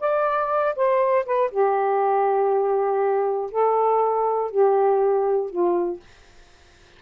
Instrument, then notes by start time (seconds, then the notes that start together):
saxophone
0.00 D5
0.75 C5
1.25 B4
1.50 G4
3.51 A4
4.50 G4
5.50 F4